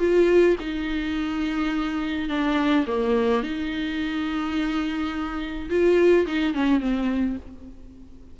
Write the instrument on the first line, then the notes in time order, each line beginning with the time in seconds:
viola
0.00 F4
0.60 D#4
2.30 D4
2.88 A#3
3.43 D#4
5.70 F4
6.27 D#4
6.55 C#4
6.81 C4